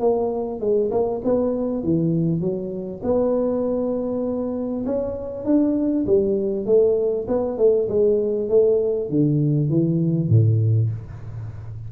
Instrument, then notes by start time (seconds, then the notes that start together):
tuba
0.00 A#3
0.61 G#3
0.91 A#3
1.25 B3
1.83 E3
2.41 F#3
3.03 B3
4.86 C#4
5.45 D4
6.07 G3
6.66 A3
7.28 B3
7.58 A3
7.89 G#3
8.49 A3
9.10 D3
9.70 E3
10.29 A2